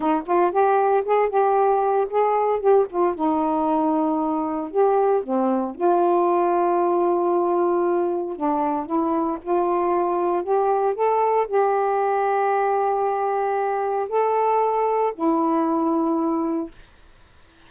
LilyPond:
\new Staff \with { instrumentName = "saxophone" } { \time 4/4 \tempo 4 = 115 dis'8 f'8 g'4 gis'8 g'4. | gis'4 g'8 f'8 dis'2~ | dis'4 g'4 c'4 f'4~ | f'1 |
d'4 e'4 f'2 | g'4 a'4 g'2~ | g'2. a'4~ | a'4 e'2. | }